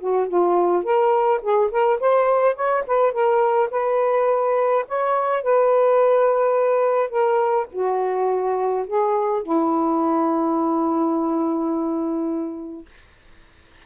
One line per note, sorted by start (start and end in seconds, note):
0.00 0.29 F#4
0.29 0.84 F4
0.84 1.41 A#4
1.43 1.71 G#4
1.71 2.00 A#4
2.01 2.56 C5
2.56 2.84 C#5
2.87 3.13 B4
3.13 3.70 A#4
3.71 4.86 B4
4.88 5.43 C#5
5.43 7.10 B4
7.10 7.67 A#4
7.73 8.87 F#4
8.88 9.43 G#4
9.43 12.86 E4